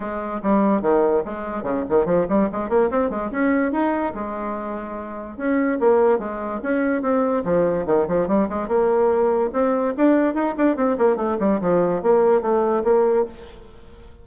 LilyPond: \new Staff \with { instrumentName = "bassoon" } { \time 4/4 \tempo 4 = 145 gis4 g4 dis4 gis4 | cis8 dis8 f8 g8 gis8 ais8 c'8 gis8 | cis'4 dis'4 gis2~ | gis4 cis'4 ais4 gis4 |
cis'4 c'4 f4 dis8 f8 | g8 gis8 ais2 c'4 | d'4 dis'8 d'8 c'8 ais8 a8 g8 | f4 ais4 a4 ais4 | }